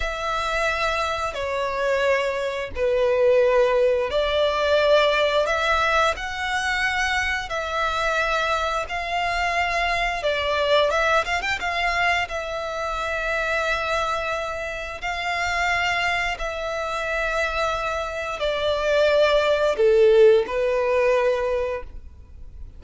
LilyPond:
\new Staff \with { instrumentName = "violin" } { \time 4/4 \tempo 4 = 88 e''2 cis''2 | b'2 d''2 | e''4 fis''2 e''4~ | e''4 f''2 d''4 |
e''8 f''16 g''16 f''4 e''2~ | e''2 f''2 | e''2. d''4~ | d''4 a'4 b'2 | }